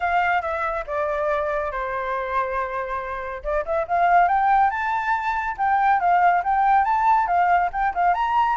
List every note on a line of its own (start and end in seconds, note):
0.00 0.41 F5
0.41 0.84 E5
0.86 1.71 D5
1.71 3.42 C5
3.43 3.64 D5
3.65 3.86 E5
3.87 4.28 F5
4.28 4.70 G5
4.70 5.56 A5
5.57 5.99 G5
5.99 6.42 F5
6.43 6.84 G5
6.84 7.27 A5
7.27 7.69 F5
7.72 7.93 G5
7.94 8.14 F5
8.14 8.56 A#5